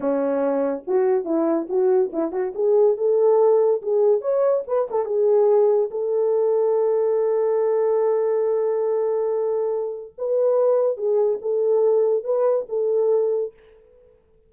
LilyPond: \new Staff \with { instrumentName = "horn" } { \time 4/4 \tempo 4 = 142 cis'2 fis'4 e'4 | fis'4 e'8 fis'8 gis'4 a'4~ | a'4 gis'4 cis''4 b'8 a'8 | gis'2 a'2~ |
a'1~ | a'1 | b'2 gis'4 a'4~ | a'4 b'4 a'2 | }